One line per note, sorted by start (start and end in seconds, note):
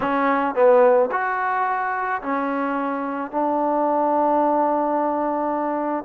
0.00 0.54 C#4
0.54 1.09 B3
1.11 2.21 F#4
2.22 3.31 C#4
3.31 6.04 D4